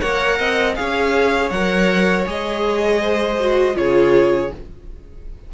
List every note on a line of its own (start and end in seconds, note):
0.00 0.39 A#3
0.00 0.75 A#4
0.00 0.38 C#5
0.00 0.75 F#5
0.38 0.77 C4
0.38 0.76 D#5
0.75 1.50 C#4
0.75 1.50 G#4
0.75 3.01 C#5
0.75 1.50 F5
1.50 2.25 F#3
1.50 2.25 A#4
1.50 2.25 F#5
2.25 3.75 G#3
2.25 3.38 G#4
2.25 3.77 D#5
3.01 3.76 C5
3.40 3.75 F#4
3.75 4.50 C#3
3.75 4.50 F4
3.75 4.53 G#4
3.75 4.52 C#5